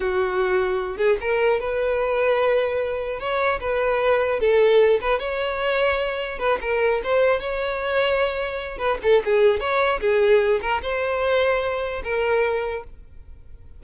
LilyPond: \new Staff \with { instrumentName = "violin" } { \time 4/4 \tempo 4 = 150 fis'2~ fis'8 gis'8 ais'4 | b'1 | cis''4 b'2 a'4~ | a'8 b'8 cis''2. |
b'8 ais'4 c''4 cis''4.~ | cis''2 b'8 a'8 gis'4 | cis''4 gis'4. ais'8 c''4~ | c''2 ais'2 | }